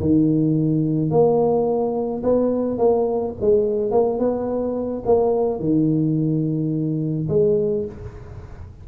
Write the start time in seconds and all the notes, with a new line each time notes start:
0.00 D#3
1.11 A#3
2.24 B3
2.78 A#3
3.41 G#3
3.92 A#3
4.19 B3
5.06 A#3
5.60 D#3
7.29 G#3